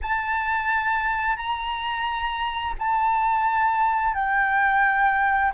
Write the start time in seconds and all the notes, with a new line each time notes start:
0.01 A5
1.36 A#5
2.78 A5
4.14 G5